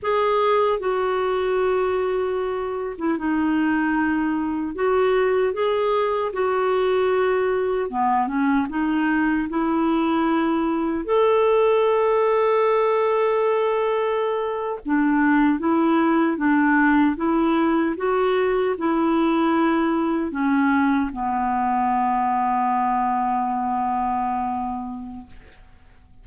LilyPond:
\new Staff \with { instrumentName = "clarinet" } { \time 4/4 \tempo 4 = 76 gis'4 fis'2~ fis'8. e'16 | dis'2 fis'4 gis'4 | fis'2 b8 cis'8 dis'4 | e'2 a'2~ |
a'2~ a'8. d'4 e'16~ | e'8. d'4 e'4 fis'4 e'16~ | e'4.~ e'16 cis'4 b4~ b16~ | b1 | }